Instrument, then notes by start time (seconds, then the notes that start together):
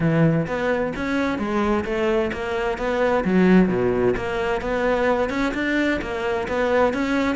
cello
0.00 E3
0.46 B3
0.95 C#4
1.38 G#3
1.85 A3
2.32 A#3
2.77 B3
3.24 F#3
3.68 B2
4.16 A#3
4.61 B3
5.29 C#4
5.54 D4
6.01 A#3
6.48 B3
6.93 C#4